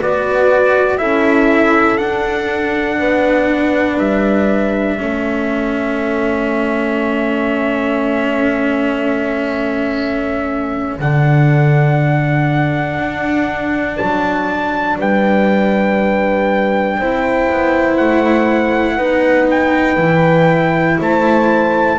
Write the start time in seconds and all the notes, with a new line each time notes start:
0.00 B3 F#4 B4 D5
0.97 C#4 E4 A4 E5
1.97 D4 F#5
2.98 B3 B4
3.97 G3 E5
4.98 A3 C#4 A4
10.99 D3 D4 F#5
12.99 D4
13.97 F#3 A5
14.98 G3 B4 G5
16.98 C4 E4 C5
17.50 B3
17.97 A3 F#5
18.96 B3 D#4 B4
19.50 G5
19.96 E3 E4
20.98 A3 C5 A5